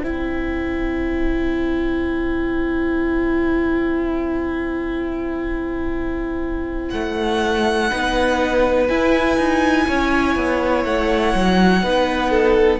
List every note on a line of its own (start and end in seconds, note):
0.00 6.92 C4
0.00 7.90 E4
0.00 7.88 C5
0.00 6.89 G5
6.90 7.92 A3
6.90 8.87 F#5
7.90 8.89 B3
7.90 8.89 D#4
7.90 9.86 B4
8.88 11.82 E4
8.88 9.37 E4
8.88 10.84 G#5
9.37 9.86 D#4
9.87 10.36 C#4
9.87 11.83 C#5
10.36 10.85 B3
10.84 11.34 A3
10.84 12.80 F#5
11.35 11.83 F#3
11.82 12.80 B3
11.82 12.80 D#4
11.82 12.31 B4
12.31 12.80 A4